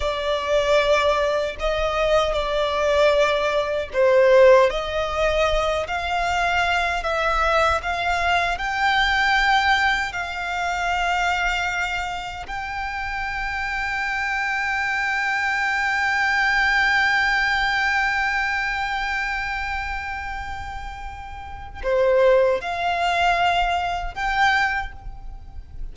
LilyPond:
\new Staff \with { instrumentName = "violin" } { \time 4/4 \tempo 4 = 77 d''2 dis''4 d''4~ | d''4 c''4 dis''4. f''8~ | f''4 e''4 f''4 g''4~ | g''4 f''2. |
g''1~ | g''1~ | g''1 | c''4 f''2 g''4 | }